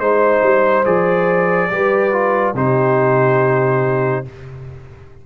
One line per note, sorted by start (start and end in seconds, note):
0.00 0.42 G#3
0.00 0.85 D#4
0.00 0.85 C5
0.00 1.70 C5
0.43 0.85 G3
0.85 1.71 F3
0.85 1.70 G#4
0.85 2.55 D5
1.71 2.55 G3
1.71 2.12 G4
1.71 2.56 B4
2.12 2.55 F4
2.55 4.24 C3
2.55 4.25 D#4
2.55 4.25 G4
2.55 4.26 C5